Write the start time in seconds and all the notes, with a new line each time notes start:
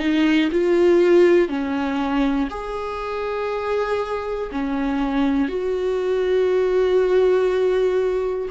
0.00 D#4
0.52 F4
1.49 C#4
2.51 G#4
4.52 C#4
5.49 F#4